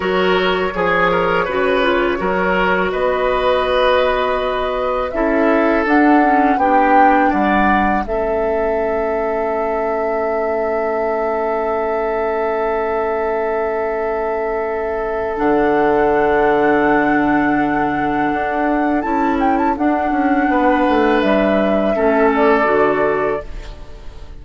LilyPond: <<
  \new Staff \with { instrumentName = "flute" } { \time 4/4 \tempo 4 = 82 cis''1 | dis''2. e''4 | fis''4 g''4 fis''4 e''4~ | e''1~ |
e''1~ | e''4 fis''2.~ | fis''2 a''8 g''16 a''16 fis''4~ | fis''4 e''4. d''4. | }
  \new Staff \with { instrumentName = "oboe" } { \time 4/4 ais'4 gis'8 ais'8 b'4 ais'4 | b'2. a'4~ | a'4 g'4 d''4 a'4~ | a'1~ |
a'1~ | a'1~ | a'1 | b'2 a'2 | }
  \new Staff \with { instrumentName = "clarinet" } { \time 4/4 fis'4 gis'4 fis'8 f'8 fis'4~ | fis'2. e'4 | d'8 cis'8 d'2 cis'4~ | cis'1~ |
cis'1~ | cis'4 d'2.~ | d'2 e'4 d'4~ | d'2 cis'4 fis'4 | }
  \new Staff \with { instrumentName = "bassoon" } { \time 4/4 fis4 f4 cis4 fis4 | b2. cis'4 | d'4 b4 g4 a4~ | a1~ |
a1~ | a4 d2.~ | d4 d'4 cis'4 d'8 cis'8 | b8 a8 g4 a4 d4 | }
>>